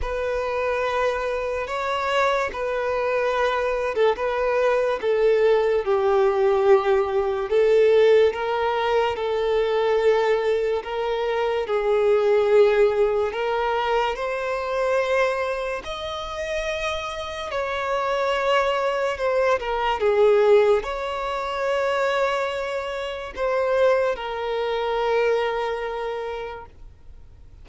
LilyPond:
\new Staff \with { instrumentName = "violin" } { \time 4/4 \tempo 4 = 72 b'2 cis''4 b'4~ | b'8. a'16 b'4 a'4 g'4~ | g'4 a'4 ais'4 a'4~ | a'4 ais'4 gis'2 |
ais'4 c''2 dis''4~ | dis''4 cis''2 c''8 ais'8 | gis'4 cis''2. | c''4 ais'2. | }